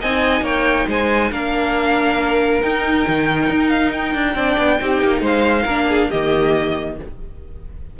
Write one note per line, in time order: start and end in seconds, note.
0.00 0.41 C4
0.00 1.31 D#4
0.00 0.43 D#5
0.00 0.45 G#5
0.41 0.84 A#3
0.41 0.87 C#5
0.41 0.88 G5
0.87 1.31 G#3
0.87 1.31 C5
0.87 1.32 G#5
1.31 2.62 A#3
1.31 2.62 D4
1.31 4.35 A#4
1.31 2.62 F5
2.62 4.35 D#4
2.62 3.06 D#4
2.62 3.69 G5
3.07 3.49 D#3
3.49 4.14 D#4
3.69 3.90 F5
3.92 5.23 G5
4.14 4.34 D4
4.34 4.56 C4
4.34 4.79 D4
4.34 4.78 D5
4.58 4.79 B3
4.79 5.02 C4
4.79 5.66 D#4
4.79 5.21 G4
5.02 5.21 A#3
5.21 5.64 G#3
5.21 5.63 C5
5.21 6.10 F5
5.63 6.09 A#3
5.63 6.12 D4
5.63 5.84 A#4
5.88 6.08 G#4
6.08 6.99 D#3
6.08 6.99 A#3
6.08 6.95 G4
6.08 6.97 D#5